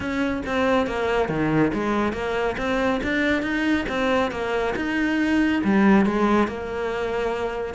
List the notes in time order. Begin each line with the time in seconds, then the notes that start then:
0.00 C#4
0.46 C4
0.87 A#3
1.28 D#3
1.73 G#3
2.12 A#3
2.57 C4
3.03 D4
3.42 D#4
3.88 C4
4.31 A#3
4.76 D#4
5.64 G3
6.05 G#3
6.47 A#3